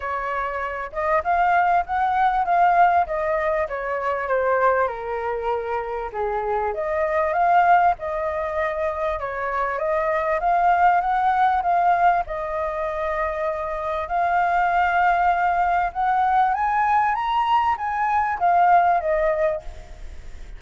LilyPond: \new Staff \with { instrumentName = "flute" } { \time 4/4 \tempo 4 = 98 cis''4. dis''8 f''4 fis''4 | f''4 dis''4 cis''4 c''4 | ais'2 gis'4 dis''4 | f''4 dis''2 cis''4 |
dis''4 f''4 fis''4 f''4 | dis''2. f''4~ | f''2 fis''4 gis''4 | ais''4 gis''4 f''4 dis''4 | }